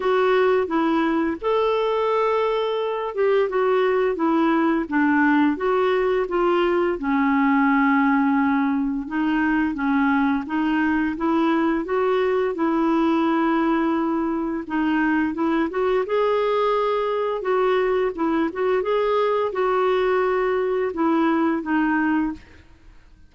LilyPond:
\new Staff \with { instrumentName = "clarinet" } { \time 4/4 \tempo 4 = 86 fis'4 e'4 a'2~ | a'8 g'8 fis'4 e'4 d'4 | fis'4 f'4 cis'2~ | cis'4 dis'4 cis'4 dis'4 |
e'4 fis'4 e'2~ | e'4 dis'4 e'8 fis'8 gis'4~ | gis'4 fis'4 e'8 fis'8 gis'4 | fis'2 e'4 dis'4 | }